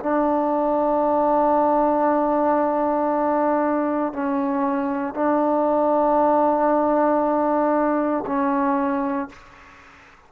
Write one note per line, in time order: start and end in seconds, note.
0.00 4.13 D4
4.13 5.14 C#4
5.14 8.25 D4
8.27 9.30 C#4